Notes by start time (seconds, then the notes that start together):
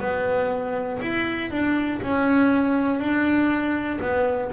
0.00 B3
1.01 E4
1.50 D4
2.02 C#4
3.00 D4
4.01 B3